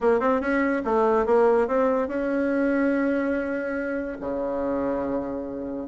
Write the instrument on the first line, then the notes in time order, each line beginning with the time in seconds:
bassoon
0.00 A#3
0.20 C4
0.40 C#4
0.84 A3
1.26 A#3
1.67 C4
2.08 C#4
4.20 C#3